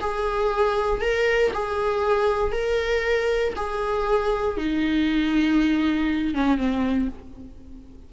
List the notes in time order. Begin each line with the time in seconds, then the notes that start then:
0.00 G#4
1.00 A#4
1.53 G#4
2.52 A#4
3.55 G#4
4.57 D#4
6.34 C#4
6.57 C4